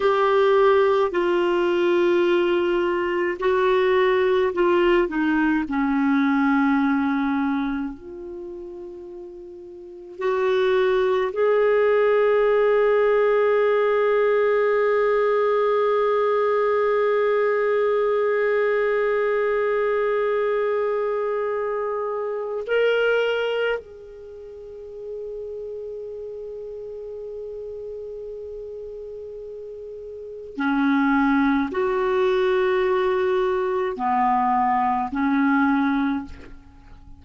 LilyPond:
\new Staff \with { instrumentName = "clarinet" } { \time 4/4 \tempo 4 = 53 g'4 f'2 fis'4 | f'8 dis'8 cis'2 f'4~ | f'4 fis'4 gis'2~ | gis'1~ |
gis'1 | ais'4 gis'2.~ | gis'2. cis'4 | fis'2 b4 cis'4 | }